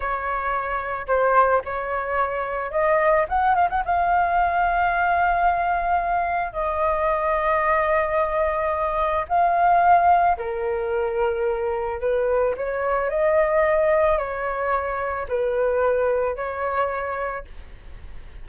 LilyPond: \new Staff \with { instrumentName = "flute" } { \time 4/4 \tempo 4 = 110 cis''2 c''4 cis''4~ | cis''4 dis''4 fis''8 f''16 fis''16 f''4~ | f''1 | dis''1~ |
dis''4 f''2 ais'4~ | ais'2 b'4 cis''4 | dis''2 cis''2 | b'2 cis''2 | }